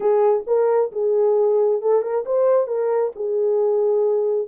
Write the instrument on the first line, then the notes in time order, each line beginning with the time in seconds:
horn
0.00 G#4
0.46 A#4
0.92 G#4
1.81 A4
2.02 A#4
2.25 C5
2.67 A#4
3.15 G#4